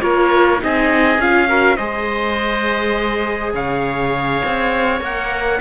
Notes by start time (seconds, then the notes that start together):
0.00 A#3 F4 A#4 C#5
0.58 C4 D#4 G#4 D#5
1.18 C#4 F4 F5
1.48 F#4 A#4
1.76 G#3 G#4 C5 D#5
3.54 C#3 C#5 F5
4.45 C4
5.00 A#3 A#4 F#5